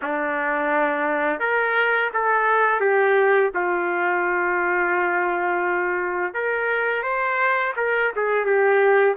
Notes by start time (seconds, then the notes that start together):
0.02 D4
1.39 A#4
2.13 A4
2.80 G4
3.54 F4
6.33 A#4
7.02 C5
7.76 A#4
8.15 G#4
8.45 G4